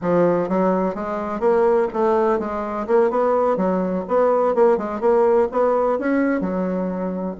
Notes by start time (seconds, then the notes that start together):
0.01 F3
0.48 F#3
0.94 G#3
1.40 A#3
1.93 A3
2.39 G#3
2.87 A#3
3.10 B3
3.56 F#3
4.08 B3
4.55 A#3
4.77 G#3
5.00 A#3
5.51 B3
5.98 C#4
6.40 F#3